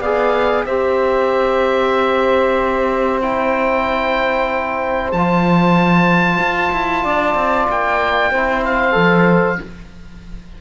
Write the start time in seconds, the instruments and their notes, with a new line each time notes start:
0.00 cello B3, trombone G#4, saxophone D5, oboe F5
0.66 cello C4, trombone G4, saxophone C5, oboe E5
3.22 trombone E4, oboe G5
5.12 cello F3, trombone F4, oboe A5
6.39 cello F4
6.73 cello E4
7.03 cello D4, saxophone D5
7.35 cello C4
7.70 cello A#3, oboe G5
8.31 cello C4, trombone E4, saxophone C5
8.65 oboe F5
8.92 cello F3, trombone A4